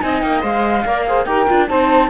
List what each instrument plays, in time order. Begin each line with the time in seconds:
0.00 cello C4, viola D#4, saxophone D#5, flute G#5
0.21 cello A#3, flute G5
0.41 cello G#3, viola C5, flute F5
0.85 cello A#3, viola A#4, saxophone D5
1.06 viola G#4, saxophone C5
1.24 cello D#4, viola G4, saxophone A#4, flute G5
1.47 cello D4, viola F4
1.68 cello C4, viola D#4, saxophone C5, flute A5